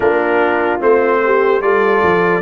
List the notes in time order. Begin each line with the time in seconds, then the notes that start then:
0.00 A#3 D4 F4 A#4
0.79 A3 C4 C5
1.24 G4
1.61 G3 F4 A4 D5
2.03 F3